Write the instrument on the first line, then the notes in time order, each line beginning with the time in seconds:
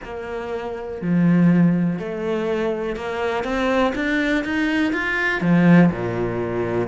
cello
0.04 A#3
1.01 F3
1.99 A3
2.96 A#3
3.43 C4
3.95 D4
4.44 D#4
4.92 F4
5.41 F3
5.91 A#2